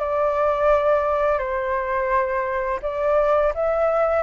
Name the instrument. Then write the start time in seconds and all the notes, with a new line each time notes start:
flute
0.00 D5
1.39 C5
2.83 D5
3.55 E5